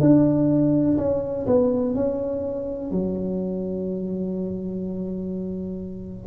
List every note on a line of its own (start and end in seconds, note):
0.00 0.97 D4
0.97 1.46 C#4
1.46 1.94 B3
1.95 2.91 C#4
2.91 6.26 F#3